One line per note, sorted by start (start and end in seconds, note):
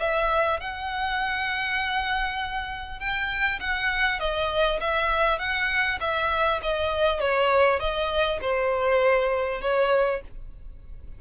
0.00 0.60 E5
0.60 3.00 F#5
3.00 3.60 G5
3.60 4.20 F#5
4.20 4.80 D#5
4.81 5.39 E5
5.39 5.99 F#5
6.01 6.61 E5
6.63 7.20 D#5
7.20 7.80 C#5
7.80 8.40 D#5
8.42 9.62 C5
9.62 10.22 C#5